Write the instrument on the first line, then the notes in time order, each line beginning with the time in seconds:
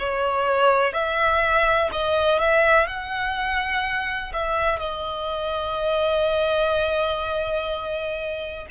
violin
0.00 C#5
0.93 E5
1.93 D#5
2.40 E5
2.88 F#5
4.34 E5
4.80 D#5